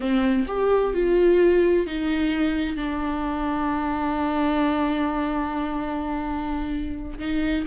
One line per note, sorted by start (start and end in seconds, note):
0.00 0.46 C4
0.47 0.93 G4
0.93 1.86 F4
1.86 2.76 D#4
2.76 7.18 D4
7.18 7.65 D#4